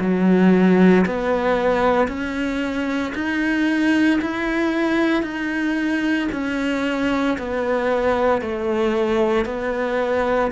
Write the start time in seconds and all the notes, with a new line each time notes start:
0.00 F#3
1.06 B3
2.08 C#4
3.14 D#4
4.21 E4
5.22 D#4
6.32 C#4
7.38 B3
8.41 A3
9.45 B3